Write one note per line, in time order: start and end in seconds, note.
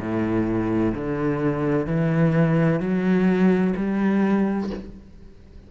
0.00 0.94 A2
0.95 1.87 D3
1.87 2.80 E3
2.80 3.74 F#3
3.76 4.70 G3